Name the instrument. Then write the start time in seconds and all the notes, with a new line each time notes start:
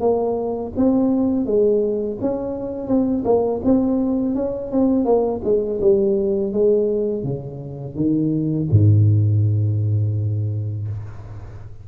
tuba
0.00 A#3
0.76 C4
1.45 G#3
2.20 C#4
2.87 C4
3.24 A#3
3.64 C4
4.35 C#4
4.71 C4
5.04 A#3
5.44 G#3
5.81 G3
6.52 G#3
7.23 C#3
7.95 D#3
8.71 G#2